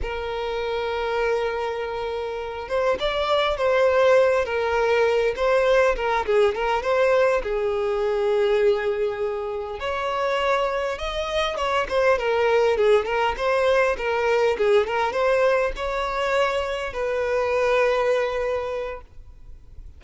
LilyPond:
\new Staff \with { instrumentName = "violin" } { \time 4/4 \tempo 4 = 101 ais'1~ | ais'8 c''8 d''4 c''4. ais'8~ | ais'4 c''4 ais'8 gis'8 ais'8 c''8~ | c''8 gis'2.~ gis'8~ |
gis'8 cis''2 dis''4 cis''8 | c''8 ais'4 gis'8 ais'8 c''4 ais'8~ | ais'8 gis'8 ais'8 c''4 cis''4.~ | cis''8 b'2.~ b'8 | }